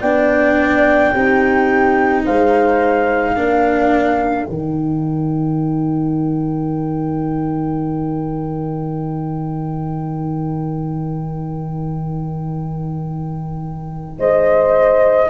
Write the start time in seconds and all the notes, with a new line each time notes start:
0.00 B3 D4 D5 G5
1.12 C4 D#4 G4
2.25 G#3 C5 F5
3.34 A#3 D4 A#4
4.43 D#3 D#4 G5
14.19 G#3 C5 D#5